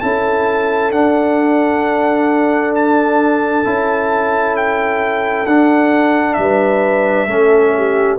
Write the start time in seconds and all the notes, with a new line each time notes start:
0.00 C#4 E4 A4 A5
0.91 D4 F#5
2.75 A5
3.64 C#4 E4
4.56 G5
5.46 D4 F#5
6.34 G3 E5
6.41 B4
7.27 A3 C#4 A4
7.77 G4